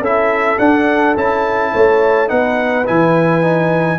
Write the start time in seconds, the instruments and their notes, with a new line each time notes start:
0.00 tuba C#4, trombone E4, horn A4, trumpet E5
0.58 trombone D4, tuba D4, trumpet F#5
1.16 tuba C#4, trombone E4, trumpet A5
1.73 tuba A3, horn C#5
2.27 tuba B3, trombone D#4, horn B4, trumpet F#5
2.85 tuba E3, trombone E4, trumpet G#5
3.42 trombone D#4